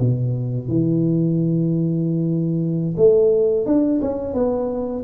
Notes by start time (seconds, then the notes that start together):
0.00 B2
0.68 E3
2.97 A3
3.66 D4
4.02 C#4
4.34 B3